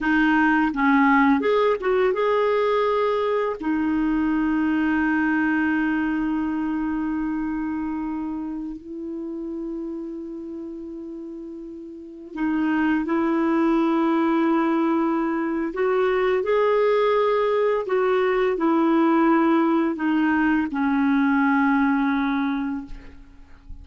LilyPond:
\new Staff \with { instrumentName = "clarinet" } { \time 4/4 \tempo 4 = 84 dis'4 cis'4 gis'8 fis'8 gis'4~ | gis'4 dis'2.~ | dis'1~ | dis'16 e'2.~ e'8.~ |
e'4~ e'16 dis'4 e'4.~ e'16~ | e'2 fis'4 gis'4~ | gis'4 fis'4 e'2 | dis'4 cis'2. | }